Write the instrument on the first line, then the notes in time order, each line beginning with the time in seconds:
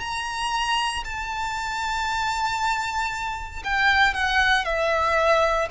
violin
0.00 A#5
1.04 A5
3.64 G5
4.14 F#5
4.65 E5